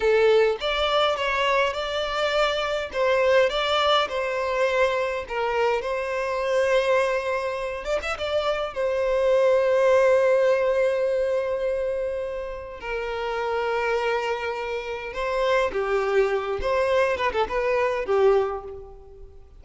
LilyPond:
\new Staff \with { instrumentName = "violin" } { \time 4/4 \tempo 4 = 103 a'4 d''4 cis''4 d''4~ | d''4 c''4 d''4 c''4~ | c''4 ais'4 c''2~ | c''4. d''16 e''16 d''4 c''4~ |
c''1~ | c''2 ais'2~ | ais'2 c''4 g'4~ | g'8 c''4 b'16 a'16 b'4 g'4 | }